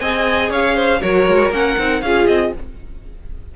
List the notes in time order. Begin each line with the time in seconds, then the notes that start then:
0.00 C4 G#4 D#5 G#5
0.50 C#4 C#5 F5
0.75 C5
1.01 F#3 F#4 A#4 C#5
1.28 G#3
1.50 A#3 C#4 F#5
1.78 C4 D#4
2.02 C#4 F4 G#4 F5
2.27 C4 D#5